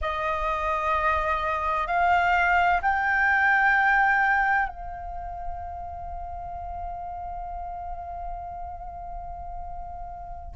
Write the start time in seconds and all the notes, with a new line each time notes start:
0.01 D#5
1.87 F5
2.82 G5
4.68 F5